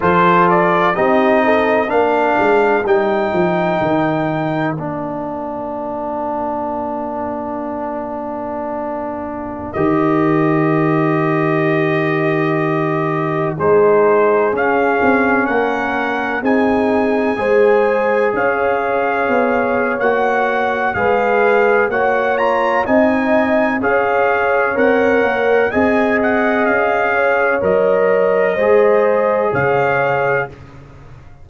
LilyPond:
<<
  \new Staff \with { instrumentName = "trumpet" } { \time 4/4 \tempo 4 = 63 c''8 d''8 dis''4 f''4 g''4~ | g''4 f''2.~ | f''2~ f''16 dis''4.~ dis''16~ | dis''2~ dis''16 c''4 f''8.~ |
f''16 fis''4 gis''2 f''8.~ | f''4 fis''4 f''4 fis''8 ais''8 | gis''4 f''4 fis''4 gis''8 fis''8 | f''4 dis''2 f''4 | }
  \new Staff \with { instrumentName = "horn" } { \time 4/4 a'4 g'8 a'8 ais'2~ | ais'1~ | ais'1~ | ais'2~ ais'16 gis'4.~ gis'16~ |
gis'16 ais'4 gis'4 c''4 cis''8.~ | cis''2 b'4 cis''4 | dis''4 cis''2 dis''4~ | dis''8 cis''4. c''4 cis''4 | }
  \new Staff \with { instrumentName = "trombone" } { \time 4/4 f'4 dis'4 d'4 dis'4~ | dis'4 d'2.~ | d'2~ d'16 g'4.~ g'16~ | g'2~ g'16 dis'4 cis'8.~ |
cis'4~ cis'16 dis'4 gis'4.~ gis'16~ | gis'4 fis'4 gis'4 fis'8 f'8 | dis'4 gis'4 ais'4 gis'4~ | gis'4 ais'4 gis'2 | }
  \new Staff \with { instrumentName = "tuba" } { \time 4/4 f4 c'4 ais8 gis8 g8 f8 | dis4 ais2.~ | ais2~ ais16 dis4.~ dis16~ | dis2~ dis16 gis4 cis'8 c'16~ |
c'16 ais4 c'4 gis4 cis'8.~ | cis'16 b8. ais4 gis4 ais4 | c'4 cis'4 c'8 ais8 c'4 | cis'4 fis4 gis4 cis4 | }
>>